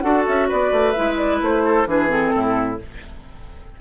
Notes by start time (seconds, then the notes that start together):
0.00 D4 F#4 A4 F#5
0.27 C#4 E5
0.48 B3 B4 D5
0.72 A3
0.91 E4 E5
0.98 G#3
1.17 D5
1.41 A3 C5
1.65 A4
1.86 E3 D4 G#4 B4
2.08 C4 A4
2.34 A2 E4